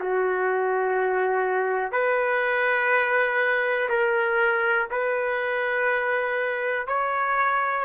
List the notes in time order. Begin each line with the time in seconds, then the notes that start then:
0.00 F#4
1.92 B4
3.89 A#4
4.91 B4
6.88 C#5